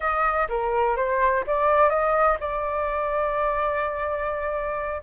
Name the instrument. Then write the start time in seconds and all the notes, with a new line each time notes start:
flute
0.00 D#5
0.48 A#4
0.96 C5
1.46 D5
1.89 D#5
2.40 D5